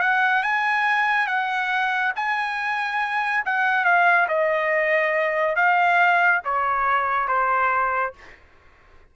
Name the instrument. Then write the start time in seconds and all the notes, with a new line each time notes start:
trumpet
0.00 F#5
0.43 G#5
1.27 F#5
2.15 G#5
3.45 F#5
3.84 F5
4.28 D#5
5.56 F5
6.44 C#5
7.27 C5